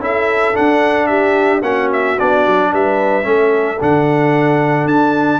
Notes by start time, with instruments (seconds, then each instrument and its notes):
0.00 tuba C#4, trombone E4, horn A4, trumpet E5
0.54 trombone D4, tuba D4, trumpet F#5
1.07 horn G4, trumpet E5
1.62 tuba A#3, trombone C#4, horn F#4, trumpet F#5
1.93 trumpet E5
2.19 tuba B3, trombone D4, trumpet D5
2.47 tuba F#3
2.73 tuba G3, horn B4, trumpet E5
3.23 tuba A3, trombone C#4, horn A4
3.80 tuba D3, trombone D4, trumpet F#5
4.85 tuba D4, trumpet A5